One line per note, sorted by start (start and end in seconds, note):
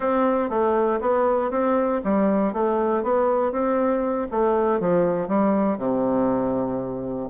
0.00 0.49 C4
0.49 0.99 A3
1.01 1.50 B3
1.50 2.01 C4
2.04 2.53 G3
2.53 3.03 A3
3.03 3.52 B3
3.52 4.27 C4
4.31 4.79 A3
4.79 5.28 F3
5.28 5.78 G3
5.78 7.29 C3